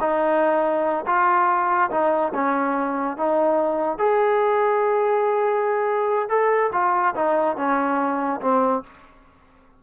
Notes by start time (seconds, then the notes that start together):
0.00 D#4
1.06 F4
1.90 D#4
2.34 C#4
3.17 D#4
3.98 G#4
6.29 A4
6.72 F4
7.15 D#4
7.56 C#4
8.41 C4